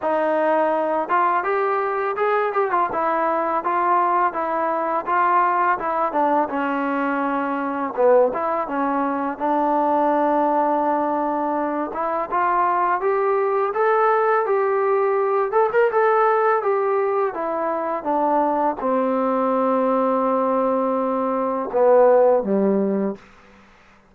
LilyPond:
\new Staff \with { instrumentName = "trombone" } { \time 4/4 \tempo 4 = 83 dis'4. f'8 g'4 gis'8 g'16 f'16 | e'4 f'4 e'4 f'4 | e'8 d'8 cis'2 b8 e'8 | cis'4 d'2.~ |
d'8 e'8 f'4 g'4 a'4 | g'4. a'16 ais'16 a'4 g'4 | e'4 d'4 c'2~ | c'2 b4 g4 | }